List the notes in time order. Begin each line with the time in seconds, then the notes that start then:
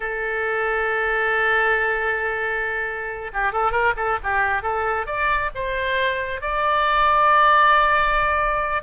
0.00 A4
3.33 G4
3.52 A4
3.71 A#4
3.96 A4
4.23 G4
4.62 A4
5.06 D5
5.54 C5
6.41 D5